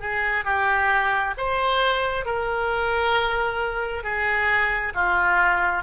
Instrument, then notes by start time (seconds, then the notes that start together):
oboe
0.00 G#4
0.45 G4
1.38 C5
2.26 A#4
4.04 G#4
4.95 F4